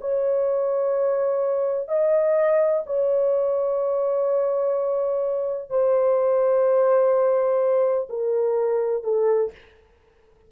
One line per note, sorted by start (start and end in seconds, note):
0.00 1.88 C#5
1.88 2.83 D#5
2.86 5.69 C#5
5.69 8.07 C5
8.09 9.03 A#4
9.03 9.51 A4